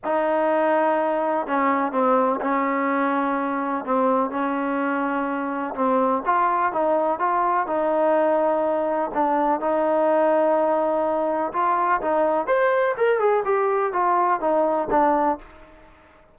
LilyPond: \new Staff \with { instrumentName = "trombone" } { \time 4/4 \tempo 4 = 125 dis'2. cis'4 | c'4 cis'2. | c'4 cis'2. | c'4 f'4 dis'4 f'4 |
dis'2. d'4 | dis'1 | f'4 dis'4 c''4 ais'8 gis'8 | g'4 f'4 dis'4 d'4 | }